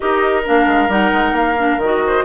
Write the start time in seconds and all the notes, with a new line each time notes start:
0.00 D#4 G4 A#4 D#5
0.45 A#3 D4 F5
0.66 G#3
0.88 G3 D#4 F#5
1.13 G#3
1.31 A#3 F5
1.57 D4
1.78 D#3 F#4
1.84 D#5
2.06 C5